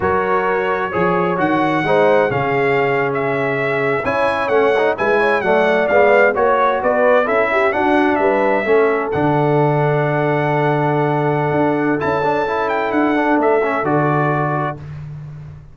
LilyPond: <<
  \new Staff \with { instrumentName = "trumpet" } { \time 4/4 \tempo 4 = 130 cis''2. fis''4~ | fis''4 f''4.~ f''16 e''4~ e''16~ | e''8. gis''4 fis''4 gis''4 fis''16~ | fis''8. f''4 cis''4 d''4 e''16~ |
e''8. fis''4 e''2 fis''16~ | fis''1~ | fis''2 a''4. g''8 | fis''4 e''4 d''2 | }
  \new Staff \with { instrumentName = "horn" } { \time 4/4 ais'2 cis''2 | c''4 gis'2.~ | gis'8. cis''2 b'8 cis''8 d''16~ | d''4.~ d''16 cis''4 b'4 a'16~ |
a'16 g'8 fis'4 b'4 a'4~ a'16~ | a'1~ | a'1~ | a'1 | }
  \new Staff \with { instrumentName = "trombone" } { \time 4/4 fis'2 gis'4 fis'4 | dis'4 cis'2.~ | cis'8. e'4 cis'8 dis'8 e'4 a16~ | a8. b4 fis'2 e'16~ |
e'8. d'2 cis'4 d'16~ | d'1~ | d'2 e'8 d'8 e'4~ | e'8 d'4 cis'8 fis'2 | }
  \new Staff \with { instrumentName = "tuba" } { \time 4/4 fis2 f4 dis4 | gis4 cis2.~ | cis8. cis'4 a4 gis4 fis16~ | fis8. gis4 ais4 b4 cis'16~ |
cis'8. d'4 g4 a4 d16~ | d1~ | d4 d'4 cis'2 | d'4 a4 d2 | }
>>